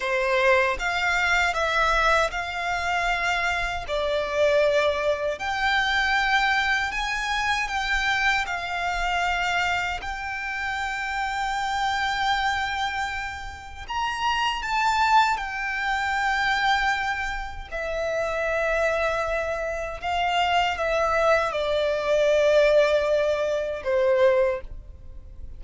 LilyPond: \new Staff \with { instrumentName = "violin" } { \time 4/4 \tempo 4 = 78 c''4 f''4 e''4 f''4~ | f''4 d''2 g''4~ | g''4 gis''4 g''4 f''4~ | f''4 g''2.~ |
g''2 ais''4 a''4 | g''2. e''4~ | e''2 f''4 e''4 | d''2. c''4 | }